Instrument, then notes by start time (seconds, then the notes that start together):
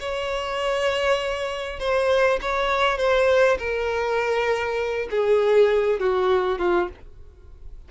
violin
0.00 C#5
1.80 C5
2.42 C#5
2.98 C5
3.59 A#4
5.11 G#4
6.00 F#4
6.59 F4